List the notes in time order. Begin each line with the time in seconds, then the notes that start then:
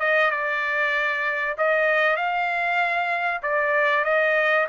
0.00 D#5
0.31 D5
1.58 D#5
2.17 F5
3.43 D5
4.05 D#5